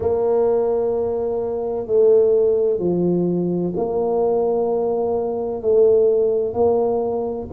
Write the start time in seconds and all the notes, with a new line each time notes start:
0.00 A#3
1.87 A3
2.79 F3
3.76 A#3
5.62 A3
6.53 A#3